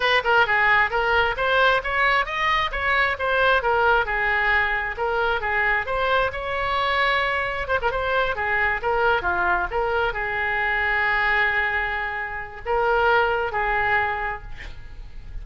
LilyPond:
\new Staff \with { instrumentName = "oboe" } { \time 4/4 \tempo 4 = 133 b'8 ais'8 gis'4 ais'4 c''4 | cis''4 dis''4 cis''4 c''4 | ais'4 gis'2 ais'4 | gis'4 c''4 cis''2~ |
cis''4 c''16 ais'16 c''4 gis'4 ais'8~ | ais'8 f'4 ais'4 gis'4.~ | gis'1 | ais'2 gis'2 | }